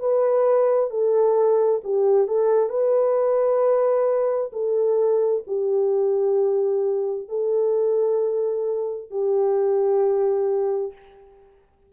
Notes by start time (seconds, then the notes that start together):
0.00 B4
0.90 A4
1.84 G4
2.28 A4
2.70 B4
4.53 A4
5.48 G4
7.29 A4
9.11 G4